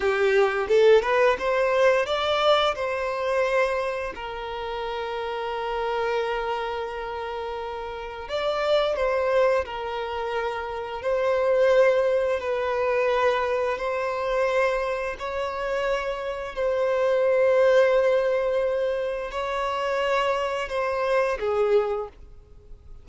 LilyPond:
\new Staff \with { instrumentName = "violin" } { \time 4/4 \tempo 4 = 87 g'4 a'8 b'8 c''4 d''4 | c''2 ais'2~ | ais'1 | d''4 c''4 ais'2 |
c''2 b'2 | c''2 cis''2 | c''1 | cis''2 c''4 gis'4 | }